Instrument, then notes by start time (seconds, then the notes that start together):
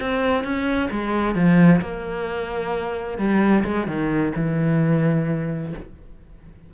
cello
0.00 C4
0.43 C#4
0.91 G#3
1.34 F3
1.81 A#3
3.18 G3
3.64 G#3
3.86 D#3
4.36 E3